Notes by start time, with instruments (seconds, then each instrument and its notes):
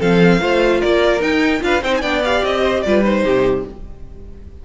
0.00 cello F3, viola C4, violin A4 F5
0.40 cello A3, viola F4, violin C5
0.81 cello A#3, violin A#4 D5
1.20 viola D#4, cello D#4, violin G5
1.60 cello D4, viola F4, violin B4 F5
1.82 cello C4, viola D#4, violin C5 G5
1.97 cello B3, violin D5 G5 G#5
2.04 viola D4
2.25 viola G4, violin F5
2.44 cello C4, violin D#5
2.61 violin C5
2.82 cello G3, viola F4, violin B4 D5
3.04 viola D#4, violin C5
3.24 cello C3, violin G4